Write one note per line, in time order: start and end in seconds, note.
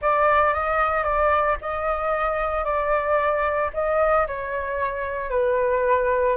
0.01 0.53 D5
0.53 1.03 D#5
1.03 1.56 D5
1.61 2.64 D#5
2.64 3.70 D5
3.73 4.26 D#5
4.27 5.30 C#5
5.30 6.36 B4